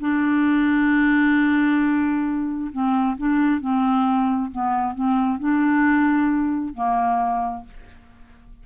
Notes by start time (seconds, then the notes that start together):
0.00 D4
2.72 C4
3.17 D4
3.61 C4
4.52 B3
4.95 C4
5.39 D4
6.74 A#3